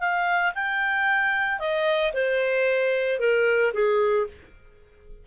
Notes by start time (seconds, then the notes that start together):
0.00 F5
0.55 G5
1.60 D#5
2.14 C5
3.20 A#4
3.74 G#4